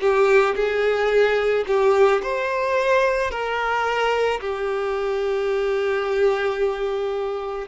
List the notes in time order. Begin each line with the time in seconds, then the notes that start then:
0.00 G4
0.56 G#4
1.67 G4
2.23 C5
3.31 A#4
4.40 G4